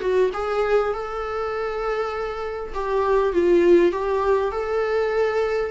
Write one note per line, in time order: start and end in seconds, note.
0.00 0.30 F#4
0.33 0.93 G#4
0.93 2.73 A4
2.74 3.33 G4
3.33 3.92 F4
3.92 4.52 G4
4.52 5.71 A4